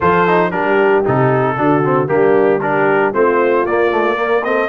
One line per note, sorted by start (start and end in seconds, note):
0.00 0.52 F3
0.00 0.27 F4
0.00 0.51 A4
0.00 0.51 C5
0.27 0.52 D#4
0.51 1.04 G3
0.51 1.04 D4
0.51 1.56 G4
0.51 1.03 A#4
1.05 1.57 C3
1.05 1.56 D#4
1.05 2.08 A4
1.56 2.08 D3
1.56 1.82 D4
1.56 2.09 F#4
1.84 2.07 C4
2.07 3.12 G3
2.07 2.59 A#3
2.07 2.60 D4
2.07 2.60 G4
2.60 3.14 D4
2.60 3.12 G4
2.60 3.13 A#4
3.12 3.65 A3
3.12 3.66 C4
3.12 4.16 F4
3.12 3.66 C5
3.65 4.68 A#3
3.65 3.90 A#3
3.65 4.43 D5
3.90 4.15 A3
4.15 4.41 A#3
4.15 4.42 A#4
4.43 4.68 C4
4.43 4.68 A4
4.43 4.68 D#5